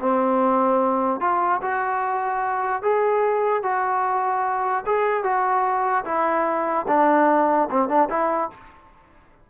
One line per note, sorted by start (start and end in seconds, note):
0.00 1.20 C4
1.20 1.61 F4
1.62 2.83 F#4
2.83 3.63 G#4
3.63 4.84 F#4
4.86 5.24 G#4
5.24 6.05 F#4
6.05 6.86 E4
6.88 7.69 D4
7.70 7.89 C4
7.89 8.09 D4
8.10 8.50 E4